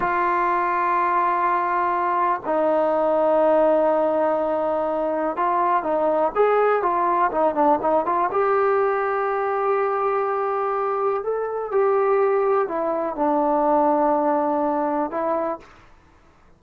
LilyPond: \new Staff \with { instrumentName = "trombone" } { \time 4/4 \tempo 4 = 123 f'1~ | f'4 dis'2.~ | dis'2. f'4 | dis'4 gis'4 f'4 dis'8 d'8 |
dis'8 f'8 g'2.~ | g'2. a'4 | g'2 e'4 d'4~ | d'2. e'4 | }